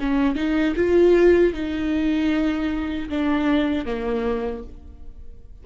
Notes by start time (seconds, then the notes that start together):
0.00 C#4
0.36 D#4
0.76 F4
1.54 D#4
3.10 D4
3.86 A#3